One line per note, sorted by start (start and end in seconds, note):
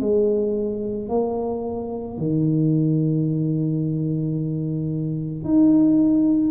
0.00 1.09 G#3
1.09 2.17 A#3
2.17 5.44 D#3
5.44 6.51 D#4